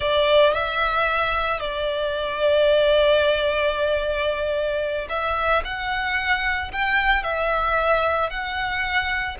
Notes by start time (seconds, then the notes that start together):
0.00 D5
0.53 E5
1.59 D5
5.09 E5
5.64 F#5
6.72 G5
7.23 E5
8.30 F#5